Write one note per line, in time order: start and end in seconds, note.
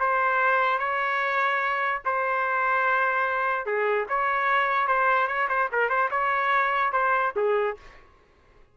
0.00 0.79 C5
0.79 2.01 C#5
2.06 3.66 C5
3.66 4.07 G#4
4.09 4.88 C#5
4.88 5.28 C5
5.28 5.49 C#5
5.49 5.70 C5
5.72 5.90 A#4
5.90 6.10 C5
6.11 6.93 C#5
6.93 7.33 C5
7.36 7.77 G#4